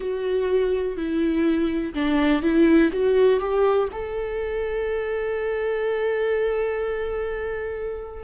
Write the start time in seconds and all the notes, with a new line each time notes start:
0.00 F#4
0.96 E4
1.94 D4
2.42 E4
2.92 F#4
3.40 G4
3.92 A4